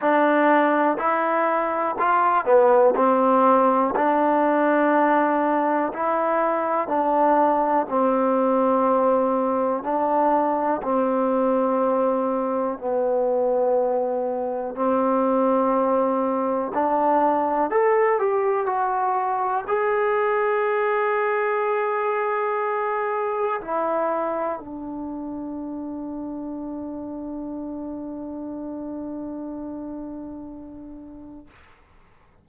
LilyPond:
\new Staff \with { instrumentName = "trombone" } { \time 4/4 \tempo 4 = 61 d'4 e'4 f'8 b8 c'4 | d'2 e'4 d'4 | c'2 d'4 c'4~ | c'4 b2 c'4~ |
c'4 d'4 a'8 g'8 fis'4 | gis'1 | e'4 d'2.~ | d'1 | }